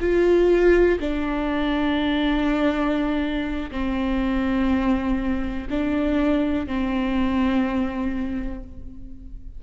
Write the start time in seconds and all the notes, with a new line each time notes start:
0.00 F4
0.99 D4
3.71 C4
5.70 D4
6.66 C4